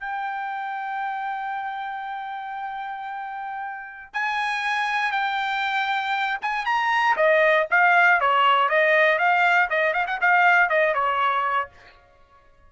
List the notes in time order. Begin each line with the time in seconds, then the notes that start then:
0.00 G5
4.14 G#5
5.12 G5
6.42 G#5
6.66 A#5
7.17 D#5
7.71 F5
8.21 C#5
8.69 D#5
9.19 F5
9.70 D#5
9.94 F5
10.07 F#5
10.21 F5
10.70 D#5
10.94 C#5